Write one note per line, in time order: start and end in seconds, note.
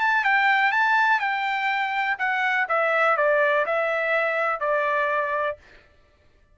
0.00 0.24 A5
0.24 0.72 G5
0.72 1.20 A5
1.20 2.17 G5
2.19 2.67 F#5
2.69 3.17 E5
3.17 3.66 D5
3.66 4.61 E5
4.61 5.57 D5